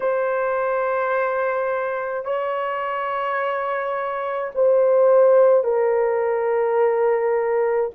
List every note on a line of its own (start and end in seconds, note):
0.00 2.24 C5
2.24 4.51 C#5
4.54 5.63 C5
5.63 7.90 A#4